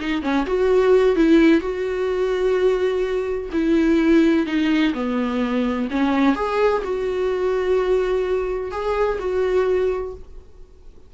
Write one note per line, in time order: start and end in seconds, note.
0.00 0.23 D#4
0.23 0.46 C#4
0.47 1.16 F#4
1.16 1.61 E4
1.61 3.50 F#4
3.53 4.47 E4
4.47 4.94 D#4
4.94 5.89 B3
5.91 6.36 C#4
6.36 6.83 G#4
6.84 8.72 F#4
8.72 9.19 G#4
9.20 10.14 F#4